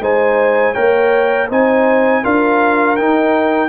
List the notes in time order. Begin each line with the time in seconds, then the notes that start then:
0.00 G#3 D#4 C5 G#5
0.74 A#3 A#4 C#5 G5
1.49 C4 D#4 C5 G#5
2.23 D4 F4 A#4 F5
2.96 D#4 G5